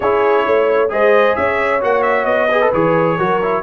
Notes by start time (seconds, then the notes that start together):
0.00 C#4 E4 G#4 C#5
0.45 A3 C#5
0.89 G#3 G#4 C5 D#5
1.35 C#4 C#5 E5
1.80 A#3 F#4 F#5
2.02 E5
2.24 B3 D#5
2.48 G#4 B4
2.61 A4
2.73 E3 G#4 C#5
3.17 F#3 F#4 A#4
3.42 E4